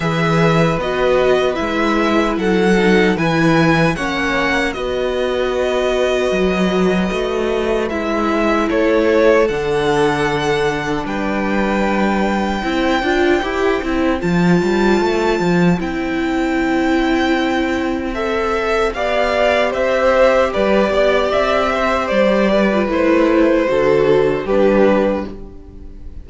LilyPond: <<
  \new Staff \with { instrumentName = "violin" } { \time 4/4 \tempo 4 = 76 e''4 dis''4 e''4 fis''4 | gis''4 fis''4 dis''2~ | dis''2 e''4 cis''4 | fis''2 g''2~ |
g''2 a''2 | g''2. e''4 | f''4 e''4 d''4 e''4 | d''4 c''2 b'4 | }
  \new Staff \with { instrumentName = "violin" } { \time 4/4 b'2. a'4 | b'4 cis''4 b'2~ | b'2. a'4~ | a'2 b'2 |
c''1~ | c''1 | d''4 c''4 b'8 d''4 c''8~ | c''8 b'4. a'4 g'4 | }
  \new Staff \with { instrumentName = "viola" } { \time 4/4 gis'4 fis'4 e'4. dis'8 | e'4 cis'4 fis'2~ | fis'2 e'2 | d'1 |
e'8 f'8 g'8 e'8 f'2 | e'2. a'4 | g'1~ | g'8. f'16 e'4 fis'4 d'4 | }
  \new Staff \with { instrumentName = "cello" } { \time 4/4 e4 b4 gis4 fis4 | e4 ais4 b2 | fis4 a4 gis4 a4 | d2 g2 |
c'8 d'8 e'8 c'8 f8 g8 a8 f8 | c'1 | b4 c'4 g8 b8 c'4 | g4 a4 d4 g4 | }
>>